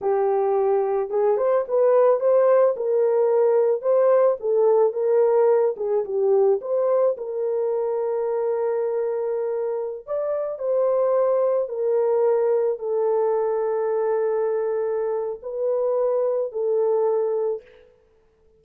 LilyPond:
\new Staff \with { instrumentName = "horn" } { \time 4/4 \tempo 4 = 109 g'2 gis'8 c''8 b'4 | c''4 ais'2 c''4 | a'4 ais'4. gis'8 g'4 | c''4 ais'2.~ |
ais'2~ ais'16 d''4 c''8.~ | c''4~ c''16 ais'2 a'8.~ | a'1 | b'2 a'2 | }